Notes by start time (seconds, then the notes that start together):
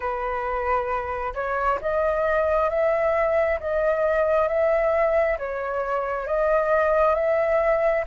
0.00 B4
1.34 C#5
1.81 D#5
2.69 E5
3.59 D#5
4.48 E5
5.38 C#5
6.26 D#5
7.14 E5